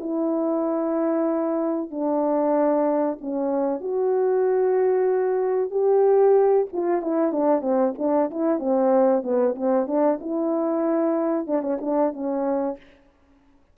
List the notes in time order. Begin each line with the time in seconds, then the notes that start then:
0.00 E4
1.91 D4
3.21 C#4
3.81 F#4
5.71 G4
6.73 F4
7.02 E4
7.33 D4
7.62 C4
7.99 D4
8.31 E4
8.60 C4
9.23 B3
9.56 C4
9.87 D4
10.21 E4
11.47 D4
11.62 C#4
11.81 D4
12.13 C#4